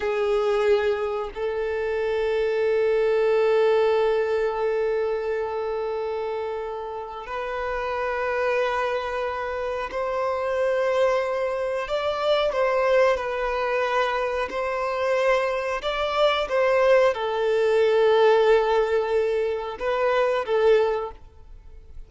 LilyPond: \new Staff \with { instrumentName = "violin" } { \time 4/4 \tempo 4 = 91 gis'2 a'2~ | a'1~ | a'2. b'4~ | b'2. c''4~ |
c''2 d''4 c''4 | b'2 c''2 | d''4 c''4 a'2~ | a'2 b'4 a'4 | }